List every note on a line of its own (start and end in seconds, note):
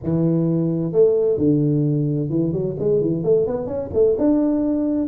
0.03 0.92 E3
0.92 1.37 A3
1.37 2.29 D3
2.29 2.52 E3
2.52 2.75 F#3
2.79 3.01 G#3
3.01 3.23 E3
3.23 3.46 A3
3.46 3.66 B3
3.66 3.89 C#4
3.93 4.16 A3
4.17 5.07 D4